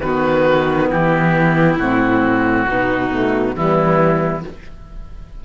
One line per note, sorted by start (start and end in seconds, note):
0.00 0.91 D#3
0.00 1.77 B3
0.00 0.88 F#4
0.00 0.88 B4
0.88 1.77 E3
0.88 2.64 E4
0.88 1.78 G4
1.77 2.65 A2
1.77 2.67 C4
1.77 3.55 F#4
2.67 3.55 B2
2.67 3.11 B3
2.67 3.56 D#4
3.11 3.53 A3
3.53 4.43 E3
3.53 4.41 G3
3.53 4.44 B3
3.53 4.44 E4